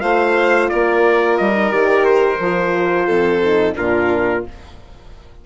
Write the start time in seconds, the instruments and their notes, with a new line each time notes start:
0.00 bassoon A3, horn F4, violin C5, trumpet F5
0.69 bassoon A#3, violin A#4, trumpet D5
1.37 bassoon G3, trumpet D#5
1.54 horn D#4
1.69 bassoon D#3, horn G4, trumpet D5
2.05 trumpet C5
2.39 bassoon F3, horn F4
3.06 bassoon F2, violin A4
3.43 horn D#4
3.74 bassoon A#2, horn D4, violin F4, trumpet A#4